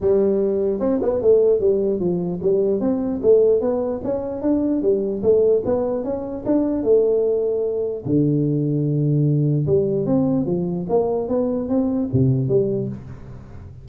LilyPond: \new Staff \with { instrumentName = "tuba" } { \time 4/4 \tempo 4 = 149 g2 c'8 b8 a4 | g4 f4 g4 c'4 | a4 b4 cis'4 d'4 | g4 a4 b4 cis'4 |
d'4 a2. | d1 | g4 c'4 f4 ais4 | b4 c'4 c4 g4 | }